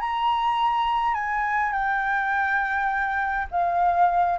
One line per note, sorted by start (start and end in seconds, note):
0.00 1.14 A#5
1.14 1.72 G#5
1.72 3.47 G5
3.51 4.38 F5